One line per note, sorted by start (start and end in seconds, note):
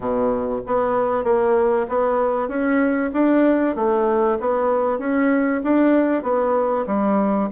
0.00 0.61 B2
0.66 1.24 B3
1.24 1.86 A#3
1.88 2.48 B3
2.48 3.11 C#4
3.13 3.75 D4
3.75 4.38 A3
4.39 4.99 B3
4.99 5.61 C#4
5.63 6.22 D4
6.22 6.85 B3
6.86 7.49 G3